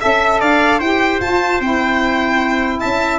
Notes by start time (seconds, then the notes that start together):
0.00 C#4 A4 E5
0.40 D4 D5 F5
0.79 E4 G4 C5 G5
1.21 F4 A5
1.60 C4 E4 G5
2.80 C#4 E5 A5